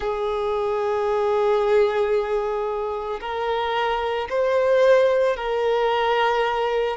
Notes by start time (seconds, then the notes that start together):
0.00 G#4
3.20 A#4
4.29 C5
5.36 A#4